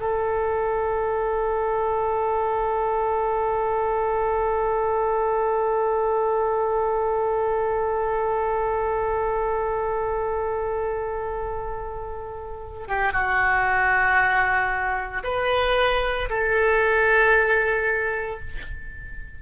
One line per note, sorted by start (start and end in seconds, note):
0.00 12.88 A4
12.88 13.12 G4
13.12 15.23 F#4
15.23 16.29 B4
16.29 18.40 A4